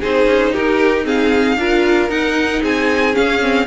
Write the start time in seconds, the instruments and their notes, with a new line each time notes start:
0.00 cello C4, viola D#4, violin G#4 C5
0.26 cello C#4
0.52 cello D#4, violin G4 A#4
1.04 viola C4, violin G#4 F5
1.57 cello D4, viola F4, violin A#4
2.09 viola D#4, cello D#4, violin F#5
2.62 cello C4, violin G#4 G#5
3.13 viola C#4, cello C#4, violin F5
3.42 viola C4